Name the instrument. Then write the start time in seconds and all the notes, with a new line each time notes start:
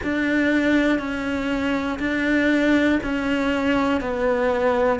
cello
0.03 D4
0.99 C#4
1.99 D4
3.03 C#4
4.00 B3